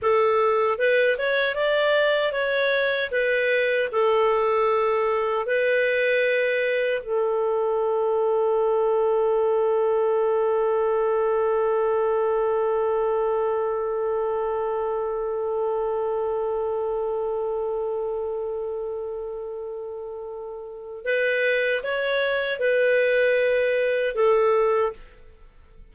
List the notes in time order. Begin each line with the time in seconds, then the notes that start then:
0.02 A4
0.78 B4
1.18 C#5
1.55 D5
2.32 C#5
3.11 B4
3.92 A4
5.45 B4
7.02 A4
21.04 B4
21.83 C#5
22.59 B4
24.15 A4